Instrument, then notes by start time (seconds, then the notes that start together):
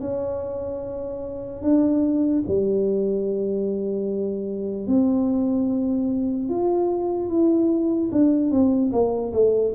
tuba
0.00 C#4
1.62 D4
2.47 G3
4.87 C4
6.49 F4
7.29 E4
8.12 D4
8.51 C4
8.92 A#3
9.33 A3